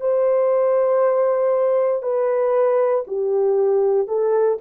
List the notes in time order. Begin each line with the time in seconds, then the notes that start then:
0.00 C5
2.02 B4
3.07 G4
4.07 A4